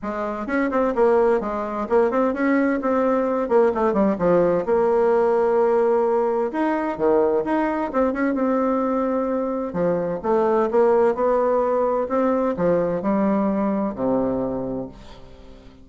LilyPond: \new Staff \with { instrumentName = "bassoon" } { \time 4/4 \tempo 4 = 129 gis4 cis'8 c'8 ais4 gis4 | ais8 c'8 cis'4 c'4. ais8 | a8 g8 f4 ais2~ | ais2 dis'4 dis4 |
dis'4 c'8 cis'8 c'2~ | c'4 f4 a4 ais4 | b2 c'4 f4 | g2 c2 | }